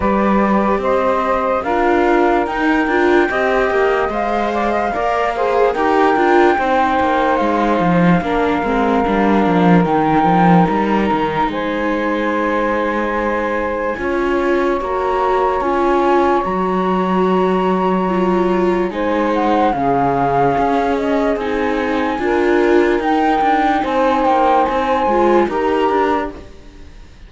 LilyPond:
<<
  \new Staff \with { instrumentName = "flute" } { \time 4/4 \tempo 4 = 73 d''4 dis''4 f''4 g''4~ | g''4 f''2 g''4~ | g''4 f''2. | g''4 ais''4 gis''2~ |
gis''2 ais''4 gis''4 | ais''2. gis''8 fis''8 | f''4. dis''8 gis''2 | g''4 gis''8 g''8 gis''4 ais''4 | }
  \new Staff \with { instrumentName = "saxophone" } { \time 4/4 b'4 c''4 ais'2 | dis''4. d''16 dis''16 d''8 c''8 ais'4 | c''2 ais'2~ | ais'2 c''2~ |
c''4 cis''2.~ | cis''2. c''4 | gis'2. ais'4~ | ais'4 c''2 ais'4 | }
  \new Staff \with { instrumentName = "viola" } { \time 4/4 g'2 f'4 dis'8 f'8 | g'4 c''4 ais'8 gis'8 g'8 f'8 | dis'2 d'8 c'8 d'4 | dis'1~ |
dis'4 f'4 fis'4 f'4 | fis'2 f'4 dis'4 | cis'2 dis'4 f'4 | dis'2~ dis'8 f'8 g'4 | }
  \new Staff \with { instrumentName = "cello" } { \time 4/4 g4 c'4 d'4 dis'8 d'8 | c'8 ais8 gis4 ais4 dis'8 d'8 | c'8 ais8 gis8 f8 ais8 gis8 g8 f8 | dis8 f8 g8 dis8 gis2~ |
gis4 cis'4 ais4 cis'4 | fis2. gis4 | cis4 cis'4 c'4 d'4 | dis'8 d'8 c'8 ais8 c'8 gis8 dis'8 d'8 | }
>>